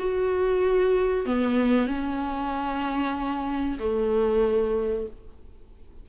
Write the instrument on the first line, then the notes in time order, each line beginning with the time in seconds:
viola
0.00 F#4
1.26 B3
1.87 C#4
3.79 A3